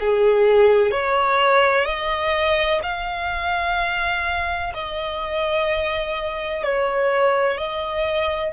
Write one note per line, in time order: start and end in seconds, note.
0.00 0.92 G#4
0.92 1.85 C#5
1.85 2.81 D#5
2.83 4.74 F5
4.74 6.64 D#5
6.64 7.58 C#5
7.58 8.53 D#5